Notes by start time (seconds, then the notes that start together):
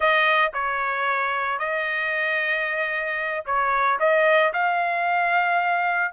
0.00 D#5
0.53 C#5
1.58 D#5
3.45 C#5
3.99 D#5
4.53 F5